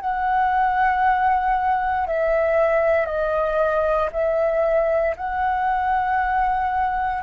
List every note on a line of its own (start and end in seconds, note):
0.00 2.06 F#5
2.06 3.06 E5
3.06 4.09 D#5
4.12 5.15 E5
5.17 7.22 F#5